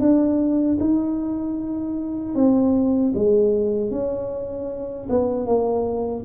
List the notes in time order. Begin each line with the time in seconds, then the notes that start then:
0.00 D4
0.80 D#4
2.35 C4
3.15 G#3
3.91 C#4
5.09 B3
5.46 A#3